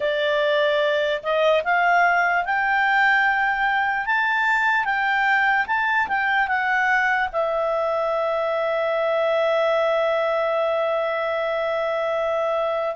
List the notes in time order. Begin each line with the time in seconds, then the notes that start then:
0.00 D5
1.22 D#5
1.64 F5
2.45 G5
4.06 A5
4.84 G5
5.66 A5
6.07 G5
6.47 F#5
7.32 E5